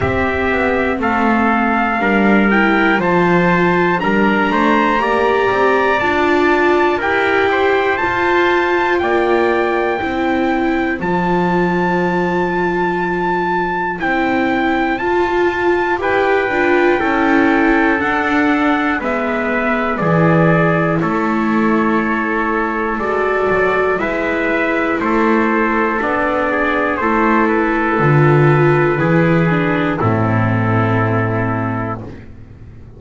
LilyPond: <<
  \new Staff \with { instrumentName = "trumpet" } { \time 4/4 \tempo 4 = 60 e''4 f''4. g''8 a''4 | ais''2 a''4 g''4 | a''4 g''2 a''4~ | a''2 g''4 a''4 |
g''2 fis''4 e''4 | d''4 cis''2 d''4 | e''4 c''4 d''4 c''8 b'8~ | b'2 a'2 | }
  \new Staff \with { instrumentName = "trumpet" } { \time 4/4 g'4 a'4 ais'4 c''4 | ais'8 c''8 d''2 ais'8 c''8~ | c''4 d''4 c''2~ | c''1 |
b'4 a'2 b'4 | gis'4 a'2. | b'4 a'4. gis'8 a'4~ | a'4 gis'4 e'2 | }
  \new Staff \with { instrumentName = "viola" } { \time 4/4 c'2 d'8 e'8 f'4 | d'4 g'4 f'4 g'4 | f'2 e'4 f'4~ | f'2 e'4 f'4 |
g'8 f'8 e'4 d'4 b4 | e'2. fis'4 | e'2 d'4 e'4 | f'4 e'8 d'8 c'2 | }
  \new Staff \with { instrumentName = "double bass" } { \time 4/4 c'8 b8 a4 g4 f4 | g8 a8 ais8 c'8 d'4 e'4 | f'4 ais4 c'4 f4~ | f2 c'4 f'4 |
e'8 d'8 cis'4 d'4 gis4 | e4 a2 gis8 fis8 | gis4 a4 b4 a4 | d4 e4 a,2 | }
>>